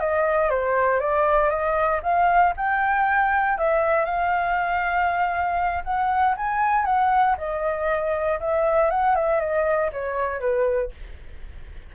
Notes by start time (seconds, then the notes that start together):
0.00 D#5
0.50 C5
1.00 D5
1.50 D#5
2.03 F5
2.57 G5
3.58 E5
4.05 F5
5.84 F#5
6.37 G#5
6.85 F#5
7.38 D#5
8.40 E5
8.90 F#5
9.15 E5
9.40 D#5
9.92 C#5
10.40 B4